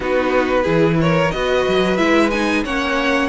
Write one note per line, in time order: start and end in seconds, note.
0.00 0.65 B3
0.00 0.63 D#4
0.00 0.62 F#4
0.00 1.00 B4
0.62 1.31 E3
0.62 1.29 E4
0.62 0.95 G#4
1.00 1.35 A#4
1.00 1.31 C#5
1.31 1.66 B3
1.31 1.97 F#4
1.31 2.64 B4
1.31 1.97 D#5
1.67 1.98 F#3
1.97 2.64 G#3
1.97 2.30 E4
1.97 2.30 E5
2.30 2.64 D#4
2.30 2.63 G#5
2.64 3.29 A#3
2.64 3.29 C#4
2.64 3.29 C#5
2.64 3.29 F#5